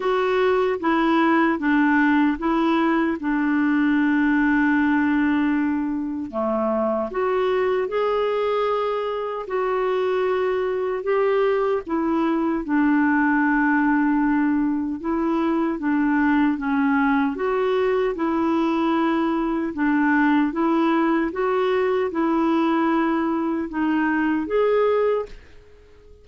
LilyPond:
\new Staff \with { instrumentName = "clarinet" } { \time 4/4 \tempo 4 = 76 fis'4 e'4 d'4 e'4 | d'1 | a4 fis'4 gis'2 | fis'2 g'4 e'4 |
d'2. e'4 | d'4 cis'4 fis'4 e'4~ | e'4 d'4 e'4 fis'4 | e'2 dis'4 gis'4 | }